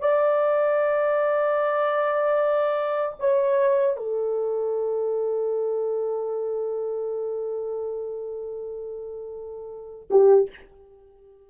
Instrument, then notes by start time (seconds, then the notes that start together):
horn
0.00 D5
3.19 C#5
3.97 A4
10.11 G4